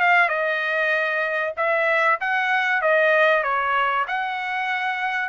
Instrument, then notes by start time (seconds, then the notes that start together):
trumpet
0.00 F5
0.29 D#5
1.57 E5
2.20 F#5
2.82 D#5
3.43 C#5
4.08 F#5